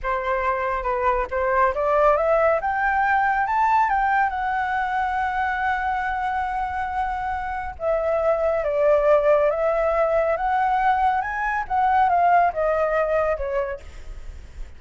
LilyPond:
\new Staff \with { instrumentName = "flute" } { \time 4/4 \tempo 4 = 139 c''2 b'4 c''4 | d''4 e''4 g''2 | a''4 g''4 fis''2~ | fis''1~ |
fis''2 e''2 | d''2 e''2 | fis''2 gis''4 fis''4 | f''4 dis''2 cis''4 | }